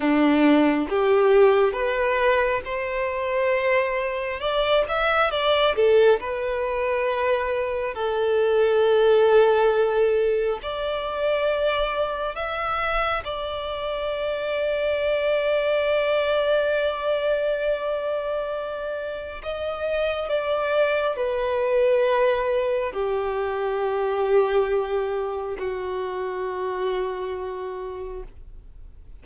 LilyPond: \new Staff \with { instrumentName = "violin" } { \time 4/4 \tempo 4 = 68 d'4 g'4 b'4 c''4~ | c''4 d''8 e''8 d''8 a'8 b'4~ | b'4 a'2. | d''2 e''4 d''4~ |
d''1~ | d''2 dis''4 d''4 | b'2 g'2~ | g'4 fis'2. | }